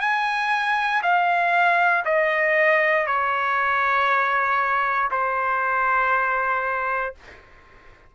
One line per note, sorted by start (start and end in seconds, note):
0.00 1.02 G#5
1.02 2.04 F5
2.05 3.06 D#5
3.06 5.09 C#5
5.11 7.14 C5